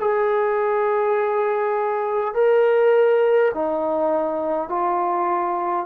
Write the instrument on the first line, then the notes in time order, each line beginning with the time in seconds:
trombone
0.00 G#4
2.34 A#4
3.55 D#4
4.69 F4